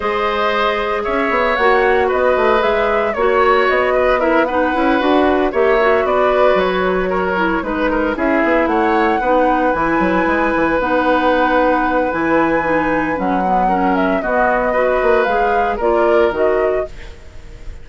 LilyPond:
<<
  \new Staff \with { instrumentName = "flute" } { \time 4/4 \tempo 4 = 114 dis''2 e''4 fis''4 | dis''4 e''4 cis''4 dis''4 | e''8 fis''2 e''4 d''8~ | d''8 cis''2 b'4 e''8~ |
e''8 fis''2 gis''4.~ | gis''8 fis''2~ fis''8 gis''4~ | gis''4 fis''4. e''8 dis''4~ | dis''4 f''4 d''4 dis''4 | }
  \new Staff \with { instrumentName = "oboe" } { \time 4/4 c''2 cis''2 | b'2 cis''4. b'8 | ais'8 b'2 cis''4 b'8~ | b'4. ais'4 b'8 ais'8 gis'8~ |
gis'8 cis''4 b'2~ b'8~ | b'1~ | b'2 ais'4 fis'4 | b'2 ais'2 | }
  \new Staff \with { instrumentName = "clarinet" } { \time 4/4 gis'2. fis'4~ | fis'4 gis'4 fis'2 | e'8 dis'8 e'8 fis'4 g'8 fis'4~ | fis'2 e'8 dis'4 e'8~ |
e'4. dis'4 e'4.~ | e'8 dis'2~ dis'8 e'4 | dis'4 cis'8 b8 cis'4 b4 | fis'4 gis'4 f'4 fis'4 | }
  \new Staff \with { instrumentName = "bassoon" } { \time 4/4 gis2 cis'8 b8 ais4 | b8 a8 gis4 ais4 b4~ | b4 cis'8 d'4 ais4 b8~ | b8 fis2 gis4 cis'8 |
b8 a4 b4 e8 fis8 gis8 | e8 b2~ b8 e4~ | e4 fis2 b4~ | b8 ais8 gis4 ais4 dis4 | }
>>